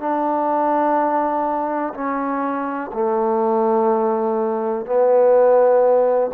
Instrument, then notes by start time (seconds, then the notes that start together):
trombone
0.00 D4
1.94 C#4
2.93 A3
4.86 B3